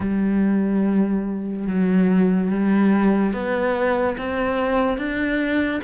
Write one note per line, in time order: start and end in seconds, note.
0.00 1.67 G3
1.67 2.50 F#3
2.50 3.33 G3
3.33 4.16 B3
4.17 4.97 C4
4.97 5.80 D4